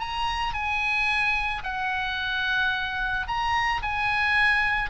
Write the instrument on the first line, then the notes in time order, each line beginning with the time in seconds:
oboe
0.00 A#5
0.54 G#5
1.64 F#5
3.28 A#5
3.83 G#5